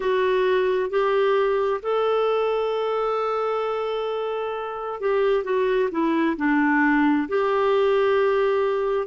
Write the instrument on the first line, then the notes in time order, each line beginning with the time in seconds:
clarinet
0.00 F#4
0.90 G4
1.82 A4
5.00 G4
5.43 F#4
5.91 E4
6.36 D4
7.28 G4